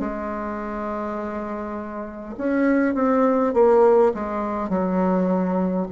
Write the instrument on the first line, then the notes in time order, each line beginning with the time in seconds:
bassoon
0.00 G#3
2.38 C#4
2.95 C4
3.54 A#3
4.14 G#3
4.70 F#3